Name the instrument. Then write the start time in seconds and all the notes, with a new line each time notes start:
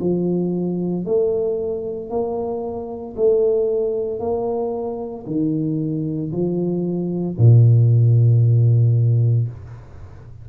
tuba
0.00 F3
1.05 A3
2.10 A#3
3.16 A3
4.20 A#3
5.26 D#3
6.32 F3
7.38 A#2